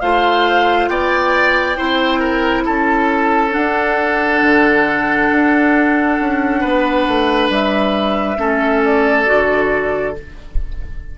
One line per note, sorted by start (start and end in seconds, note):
0.00 0.89 A3
0.00 1.76 F4
0.00 0.90 C5
0.00 0.88 F5
0.88 1.77 B3
0.88 1.77 D5
0.88 2.64 G5
1.76 2.68 C4
1.76 3.51 E4
1.76 2.20 C5
2.20 2.64 A#4
2.65 3.56 C#4
2.65 6.61 A4
2.65 3.53 A5
3.51 8.36 D4
3.51 4.43 D4
3.51 7.50 F#5
4.43 5.31 D3
5.31 6.19 D4
6.20 6.64 C#4
6.61 7.08 B3
6.61 8.37 B4
7.08 7.49 A3
7.49 8.37 G3
7.49 8.84 E5
8.37 9.26 A3
8.37 9.26 C#4
8.37 10.16 A4
8.84 10.17 D5
9.26 10.18 D3
9.26 10.14 F#4